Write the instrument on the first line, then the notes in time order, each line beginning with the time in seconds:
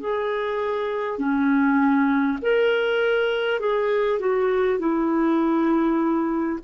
clarinet
0.00 G#4
1.19 C#4
2.42 A#4
3.60 G#4
4.19 F#4
4.79 E4